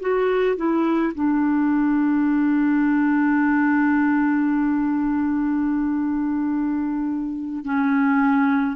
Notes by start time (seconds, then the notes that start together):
0.00 F#4
0.56 E4
1.15 D4
7.65 C#4